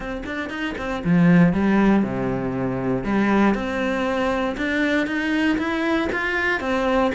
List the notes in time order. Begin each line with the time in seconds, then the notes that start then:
0.00 C4
0.26 D4
0.49 D#4
0.78 C4
1.04 F3
1.53 G3
2.03 C3
3.04 G3
3.54 C4
4.57 D4
5.06 D#4
5.58 E4
6.12 F4
6.60 C4